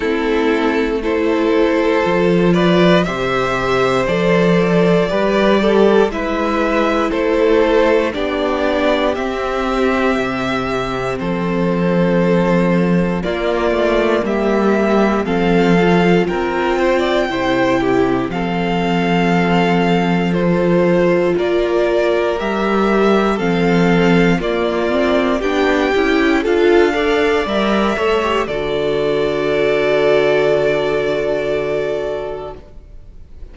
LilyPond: <<
  \new Staff \with { instrumentName = "violin" } { \time 4/4 \tempo 4 = 59 a'4 c''4. d''8 e''4 | d''2 e''4 c''4 | d''4 e''2 c''4~ | c''4 d''4 e''4 f''4 |
g''2 f''2 | c''4 d''4 e''4 f''4 | d''4 g''4 f''4 e''4 | d''1 | }
  \new Staff \with { instrumentName = "violin" } { \time 4/4 e'4 a'4. b'8 c''4~ | c''4 b'8 a'8 b'4 a'4 | g'2. a'4~ | a'4 f'4 g'4 a'4 |
ais'8 c''16 d''16 c''8 g'8 a'2~ | a'4 ais'2 a'4 | f'4 g'4 a'8 d''4 cis''8 | a'1 | }
  \new Staff \with { instrumentName = "viola" } { \time 4/4 c'4 e'4 f'4 g'4 | a'4 g'4 e'2 | d'4 c'2.~ | c'4 ais2 c'8 f'8~ |
f'4 e'4 c'2 | f'2 g'4 c'4 | ais8 c'8 d'8 e'8 f'8 a'8 ais'8 a'16 g'16 | fis'1 | }
  \new Staff \with { instrumentName = "cello" } { \time 4/4 a2 f4 c4 | f4 g4 gis4 a4 | b4 c'4 c4 f4~ | f4 ais8 a8 g4 f4 |
c'4 c4 f2~ | f4 ais4 g4 f4 | ais4 b8 cis'8 d'4 g8 a8 | d1 | }
>>